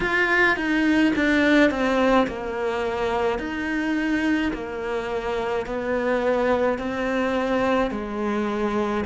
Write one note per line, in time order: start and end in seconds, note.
0.00 0.56 F4
0.56 1.13 D#4
1.15 1.70 D4
1.70 2.26 C4
2.27 3.39 A#3
3.39 4.52 D#4
4.53 5.66 A#3
5.66 6.78 B3
6.78 7.90 C4
7.90 9.04 G#3